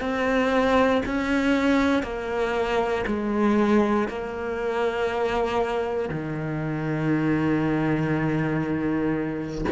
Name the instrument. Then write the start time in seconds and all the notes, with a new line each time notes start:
cello
0.00 C4
1.05 C#4
2.02 A#3
3.06 G#3
4.08 A#3
6.09 D#3